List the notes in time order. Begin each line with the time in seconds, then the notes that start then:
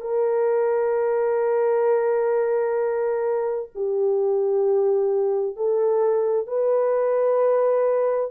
0.00 A#4
3.75 G4
5.56 A4
6.47 B4